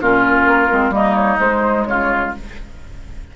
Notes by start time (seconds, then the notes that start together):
0.00 A#2 C#4 F4 A#4
0.45 A#3
0.69 G#3 C4
0.89 G3 A#3 D#4 D#5
1.14 C#5
1.39 G#3 C5
1.84 C#3 F4 C#5